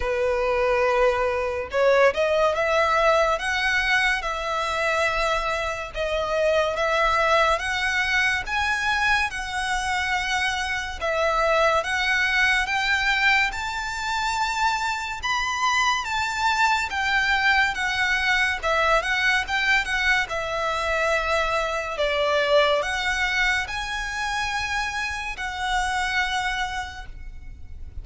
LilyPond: \new Staff \with { instrumentName = "violin" } { \time 4/4 \tempo 4 = 71 b'2 cis''8 dis''8 e''4 | fis''4 e''2 dis''4 | e''4 fis''4 gis''4 fis''4~ | fis''4 e''4 fis''4 g''4 |
a''2 b''4 a''4 | g''4 fis''4 e''8 fis''8 g''8 fis''8 | e''2 d''4 fis''4 | gis''2 fis''2 | }